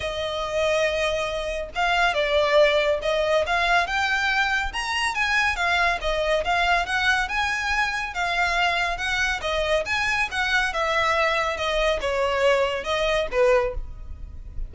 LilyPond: \new Staff \with { instrumentName = "violin" } { \time 4/4 \tempo 4 = 140 dis''1 | f''4 d''2 dis''4 | f''4 g''2 ais''4 | gis''4 f''4 dis''4 f''4 |
fis''4 gis''2 f''4~ | f''4 fis''4 dis''4 gis''4 | fis''4 e''2 dis''4 | cis''2 dis''4 b'4 | }